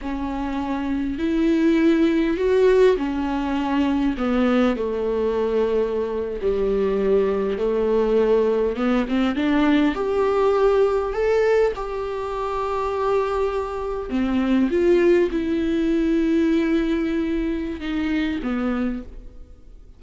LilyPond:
\new Staff \with { instrumentName = "viola" } { \time 4/4 \tempo 4 = 101 cis'2 e'2 | fis'4 cis'2 b4 | a2~ a8. g4~ g16~ | g8. a2 b8 c'8 d'16~ |
d'8. g'2 a'4 g'16~ | g'2.~ g'8. c'16~ | c'8. f'4 e'2~ e'16~ | e'2 dis'4 b4 | }